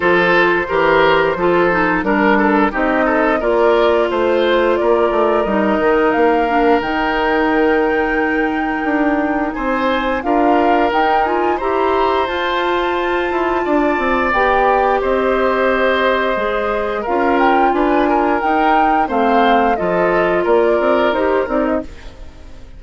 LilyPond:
<<
  \new Staff \with { instrumentName = "flute" } { \time 4/4 \tempo 4 = 88 c''2. ais'4 | dis''4 d''4 c''4 d''4 | dis''4 f''4 g''2~ | g''2 gis''4 f''4 |
g''8 gis''8 ais''4 a''2~ | a''4 g''4 dis''2~ | dis''4 f''8 g''8 gis''4 g''4 | f''4 dis''4 d''4 c''8 d''16 dis''16 | }
  \new Staff \with { instrumentName = "oboe" } { \time 4/4 a'4 ais'4 a'4 ais'8 a'8 | g'8 a'8 ais'4 c''4 ais'4~ | ais'1~ | ais'2 c''4 ais'4~ |
ais'4 c''2. | d''2 c''2~ | c''4 ais'4 b'8 ais'4. | c''4 a'4 ais'2 | }
  \new Staff \with { instrumentName = "clarinet" } { \time 4/4 f'4 g'4 f'8 dis'8 d'4 | dis'4 f'2. | dis'4. d'8 dis'2~ | dis'2. f'4 |
dis'8 f'8 g'4 f'2~ | f'4 g'2. | gis'4 f'2 dis'4 | c'4 f'2 g'8 dis'8 | }
  \new Staff \with { instrumentName = "bassoon" } { \time 4/4 f4 e4 f4 g4 | c'4 ais4 a4 ais8 a8 | g8 dis8 ais4 dis2~ | dis4 d'4 c'4 d'4 |
dis'4 e'4 f'4. e'8 | d'8 c'8 b4 c'2 | gis4 cis'4 d'4 dis'4 | a4 f4 ais8 c'8 dis'8 c'8 | }
>>